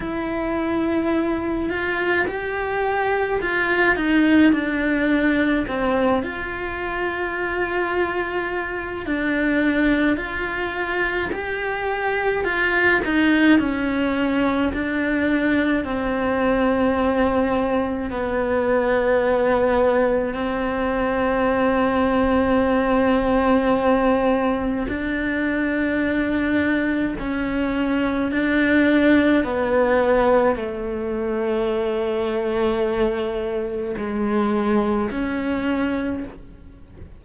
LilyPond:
\new Staff \with { instrumentName = "cello" } { \time 4/4 \tempo 4 = 53 e'4. f'8 g'4 f'8 dis'8 | d'4 c'8 f'2~ f'8 | d'4 f'4 g'4 f'8 dis'8 | cis'4 d'4 c'2 |
b2 c'2~ | c'2 d'2 | cis'4 d'4 b4 a4~ | a2 gis4 cis'4 | }